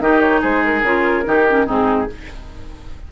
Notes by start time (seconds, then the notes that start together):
0.00 D#3 D#4 G4 D#5
0.21 C#5
0.41 G#3 G#4 C5
0.64 A#4
0.83 C#3 F4
1.25 D#3 D#4 G4
1.50 C#4
1.66 G#2 C4 D#4 G#4